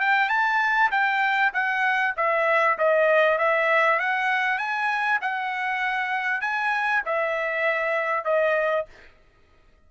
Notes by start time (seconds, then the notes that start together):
0.00 G5
0.29 A5
0.91 G5
1.53 F#5
2.16 E5
2.78 D#5
3.38 E5
3.99 F#5
4.58 G#5
5.21 F#5
6.41 G#5
7.05 E5
8.24 D#5